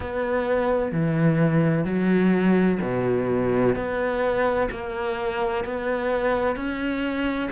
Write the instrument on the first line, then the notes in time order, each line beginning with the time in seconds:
cello
0.00 B3
0.92 E3
1.85 F#3
2.81 B2
3.75 B3
4.70 A#3
5.64 B3
6.55 C#4